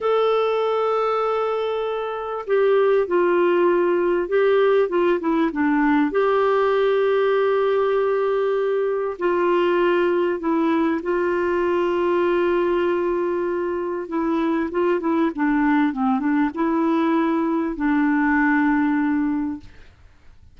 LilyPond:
\new Staff \with { instrumentName = "clarinet" } { \time 4/4 \tempo 4 = 98 a'1 | g'4 f'2 g'4 | f'8 e'8 d'4 g'2~ | g'2. f'4~ |
f'4 e'4 f'2~ | f'2. e'4 | f'8 e'8 d'4 c'8 d'8 e'4~ | e'4 d'2. | }